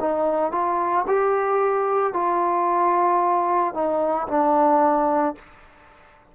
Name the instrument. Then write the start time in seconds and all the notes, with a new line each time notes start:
trombone
0.00 D#4
0.52 F4
1.07 G4
2.13 F4
3.74 D#4
4.28 D4